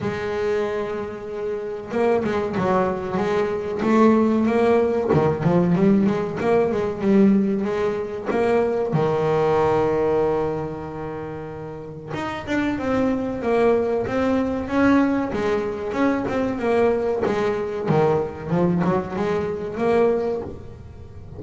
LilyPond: \new Staff \with { instrumentName = "double bass" } { \time 4/4 \tempo 4 = 94 gis2. ais8 gis8 | fis4 gis4 a4 ais4 | dis8 f8 g8 gis8 ais8 gis8 g4 | gis4 ais4 dis2~ |
dis2. dis'8 d'8 | c'4 ais4 c'4 cis'4 | gis4 cis'8 c'8 ais4 gis4 | dis4 f8 fis8 gis4 ais4 | }